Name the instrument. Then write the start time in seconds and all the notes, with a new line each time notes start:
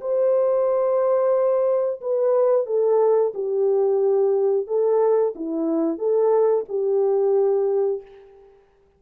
horn
0.00 C5
2.00 B4
2.65 A4
3.34 G4
4.67 A4
5.35 E4
5.98 A4
6.68 G4